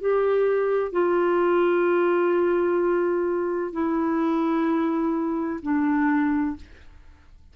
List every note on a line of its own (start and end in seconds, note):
0.00 0.92 G4
0.92 3.72 F4
3.72 5.60 E4
5.62 6.56 D4